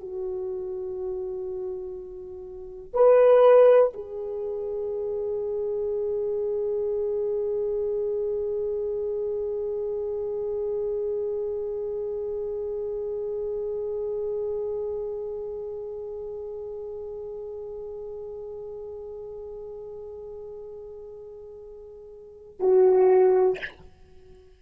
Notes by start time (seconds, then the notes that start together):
0.00 F#4
2.94 B4
3.94 G#4
22.60 F#4